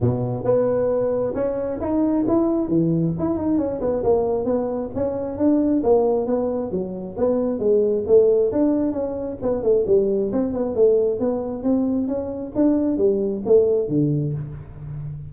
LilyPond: \new Staff \with { instrumentName = "tuba" } { \time 4/4 \tempo 4 = 134 b,4 b2 cis'4 | dis'4 e'4 e4 e'8 dis'8 | cis'8 b8 ais4 b4 cis'4 | d'4 ais4 b4 fis4 |
b4 gis4 a4 d'4 | cis'4 b8 a8 g4 c'8 b8 | a4 b4 c'4 cis'4 | d'4 g4 a4 d4 | }